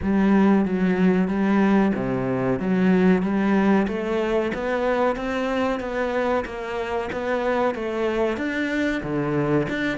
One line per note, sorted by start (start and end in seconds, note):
0.02 0.65 G3
0.65 1.27 F#3
1.27 1.92 G3
1.94 2.59 C3
2.59 3.22 F#3
3.22 3.87 G3
3.87 4.52 A3
4.54 5.16 B3
5.16 5.79 C4
5.79 6.44 B3
6.45 7.09 A#3
7.12 7.74 B3
7.74 8.37 A3
8.37 9.01 D4
9.02 9.67 D3
9.69 9.97 D4